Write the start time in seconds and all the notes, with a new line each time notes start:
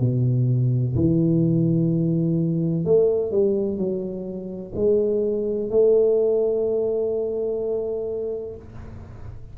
0.00 B2
0.95 E3
2.85 A3
3.32 G3
3.77 F#3
4.75 G#3
5.70 A3